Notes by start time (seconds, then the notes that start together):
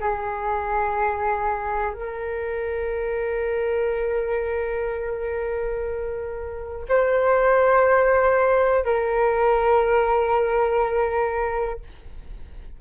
0.00 G#4
1.93 A#4
6.89 C5
8.85 A#4